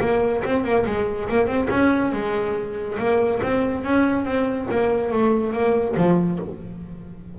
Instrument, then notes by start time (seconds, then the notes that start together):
double bass
0.00 A#3
0.44 C4
0.63 A#3
0.85 G#3
1.29 A#3
1.46 C4
1.70 C#4
2.12 G#3
2.98 A#3
3.42 C4
3.84 C#4
4.25 C4
4.71 A#3
5.12 A3
5.52 A#3
5.96 F3